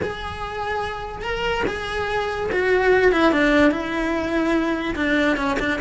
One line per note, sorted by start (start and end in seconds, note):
0.02 1.22 G#4
1.22 1.63 A#4
1.67 2.50 G#4
2.52 3.11 F#4
3.11 3.32 E4
3.32 3.71 D4
3.71 4.95 E4
4.95 5.37 D4
5.37 5.57 C#4
5.59 5.80 D4